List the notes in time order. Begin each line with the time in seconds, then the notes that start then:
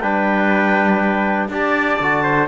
0.00 G3 D4 B4 G5
1.48 D4 G4 D5 A5
1.99 D3 F#4
2.23 C5